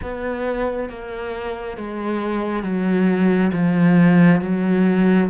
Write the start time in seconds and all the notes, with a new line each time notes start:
0.02 B3
0.89 A#3
1.76 G#3
2.63 F#3
3.53 F3
4.41 F#3